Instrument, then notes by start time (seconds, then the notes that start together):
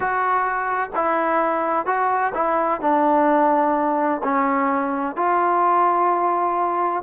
trombone
0.00 F#4
0.95 E4
1.86 F#4
2.34 E4
2.81 D4
4.23 C#4
5.16 F4